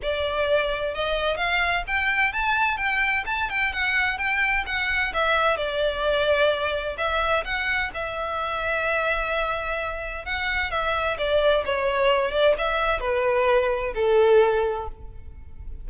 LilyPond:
\new Staff \with { instrumentName = "violin" } { \time 4/4 \tempo 4 = 129 d''2 dis''4 f''4 | g''4 a''4 g''4 a''8 g''8 | fis''4 g''4 fis''4 e''4 | d''2. e''4 |
fis''4 e''2.~ | e''2 fis''4 e''4 | d''4 cis''4. d''8 e''4 | b'2 a'2 | }